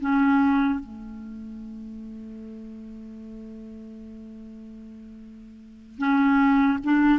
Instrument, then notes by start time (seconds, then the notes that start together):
clarinet
0.00 C#4
0.79 A3
5.98 C#4
6.84 D4